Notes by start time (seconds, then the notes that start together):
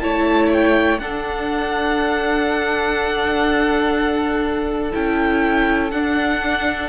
0.00 A3 E4 C#5 A5
0.53 G5
0.99 D4 A4 F#5
4.92 C#4 E4 G5
5.91 D4 F#5